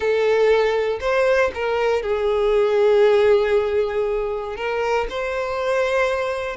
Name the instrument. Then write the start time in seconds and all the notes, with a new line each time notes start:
violin
0.00 A4
1.00 C5
1.54 A#4
2.02 G#4
4.56 A#4
5.09 C5